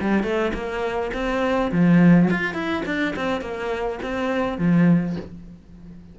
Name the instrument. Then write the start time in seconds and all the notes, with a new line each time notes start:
cello
0.00 G3
0.23 A3
0.53 A#3
1.14 C4
1.71 F3
2.30 F4
2.54 E4
2.85 D4
3.16 C4
3.41 A#3
4.02 C4
4.58 F3